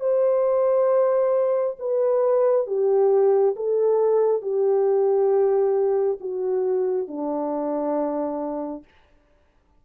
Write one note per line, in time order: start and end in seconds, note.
0.00 1.76 C5
1.79 2.67 B4
2.67 3.55 G4
3.56 4.42 A4
4.42 6.18 G4
6.20 7.07 F#4
7.07 8.84 D4